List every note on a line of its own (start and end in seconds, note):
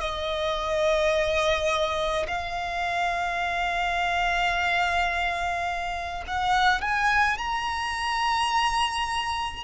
0.00 2.26 D#5
2.27 6.24 F5
6.27 6.81 F#5
6.81 7.37 G#5
7.38 9.64 A#5